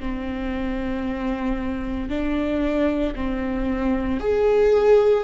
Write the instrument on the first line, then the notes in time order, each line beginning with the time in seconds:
viola
0.00 C4
2.10 D4
3.15 C4
4.21 G#4